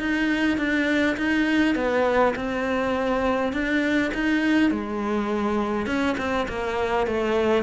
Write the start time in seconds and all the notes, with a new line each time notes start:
0.00 D#4
0.58 D4
1.17 D#4
1.76 B3
2.36 C4
3.53 D4
4.14 D#4
4.71 G#3
5.87 C#4
6.18 C4
6.49 A#3
7.07 A3